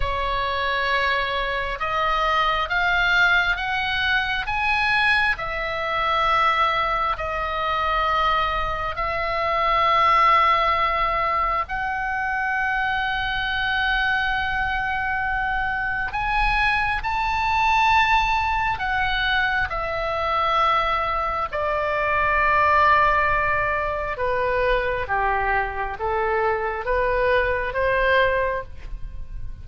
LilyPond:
\new Staff \with { instrumentName = "oboe" } { \time 4/4 \tempo 4 = 67 cis''2 dis''4 f''4 | fis''4 gis''4 e''2 | dis''2 e''2~ | e''4 fis''2.~ |
fis''2 gis''4 a''4~ | a''4 fis''4 e''2 | d''2. b'4 | g'4 a'4 b'4 c''4 | }